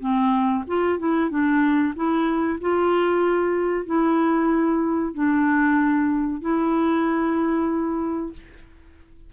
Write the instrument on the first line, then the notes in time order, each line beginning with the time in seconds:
clarinet
0.00 C4
0.67 F4
0.99 E4
1.30 D4
1.96 E4
2.61 F4
3.86 E4
5.14 D4
6.41 E4